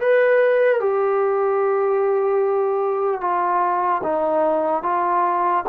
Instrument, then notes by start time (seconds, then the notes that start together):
trombone
0.00 B4
0.80 G4
3.21 F4
4.03 D#4
4.83 F4